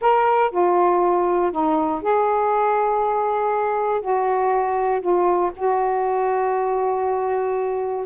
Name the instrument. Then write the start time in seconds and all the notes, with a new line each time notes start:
saxophone
0.01 A#4
0.50 F4
1.51 D#4
2.02 G#4
4.01 F#4
5.01 F4
5.56 F#4